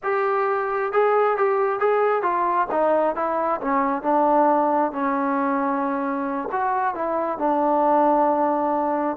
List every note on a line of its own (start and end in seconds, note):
0.03 0.92 G4
0.92 1.37 G#4
1.37 1.79 G4
1.79 2.22 G#4
2.22 2.67 F4
2.71 3.15 D#4
3.15 3.60 E4
3.60 4.02 C#4
4.02 4.91 D4
4.92 6.48 C#4
6.51 6.94 F#4
6.94 7.38 E4
7.38 9.16 D4